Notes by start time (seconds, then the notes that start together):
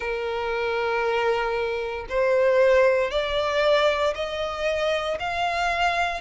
0.00 A#4
2.09 C5
3.10 D5
4.14 D#5
5.20 F5